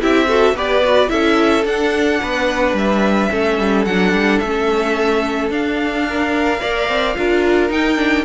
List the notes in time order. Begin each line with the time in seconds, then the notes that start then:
0.00 C4 E4 G4 E5
0.27 F#4 A4
0.53 B3 G4 B4 D5
0.84 F#4
1.08 C#4 E4 A4 E5
1.65 D4 F#5
2.20 B3 B4
2.73 G3 E5
3.30 A3 C#4 A4
3.59 G3
3.85 F#3 D4 F#5
4.13 G3
4.39 A3 C#4 E5
5.50 D4 F5
6.08 A#4
6.60 A#3 A#4 D5
6.88 C4
7.16 D4 F4 A#4
7.69 D#4 G5
7.96 D4